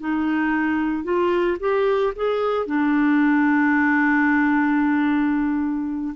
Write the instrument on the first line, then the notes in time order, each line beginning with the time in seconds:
clarinet
0.00 D#4
1.04 F4
1.60 G4
2.16 G#4
2.67 D4